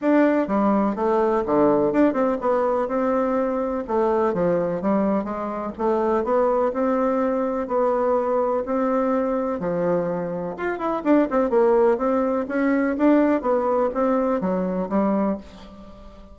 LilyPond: \new Staff \with { instrumentName = "bassoon" } { \time 4/4 \tempo 4 = 125 d'4 g4 a4 d4 | d'8 c'8 b4 c'2 | a4 f4 g4 gis4 | a4 b4 c'2 |
b2 c'2 | f2 f'8 e'8 d'8 c'8 | ais4 c'4 cis'4 d'4 | b4 c'4 fis4 g4 | }